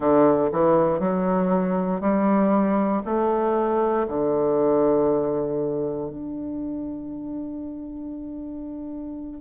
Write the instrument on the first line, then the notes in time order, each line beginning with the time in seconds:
bassoon
0.00 D3
0.51 E3
0.99 F#3
2.01 G3
3.05 A3
4.07 D3
6.10 D4